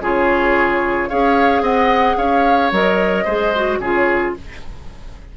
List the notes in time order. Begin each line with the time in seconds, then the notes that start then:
0.00 C#3 F4 G#4 C#5
1.09 C#4 G#4 C#5 F5
1.61 C4 D#5 F#5
2.17 C#4 C#5 F5
2.72 F#3 A#4 D#5
3.24 G#3 G#4 C5
3.55 F#4
3.79 C#3 F4 G#4 C#5